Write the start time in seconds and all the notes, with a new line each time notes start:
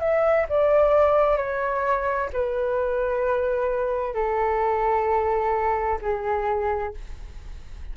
0.00 E5
0.49 D5
1.37 C#5
2.33 B4
4.14 A4
6.01 G#4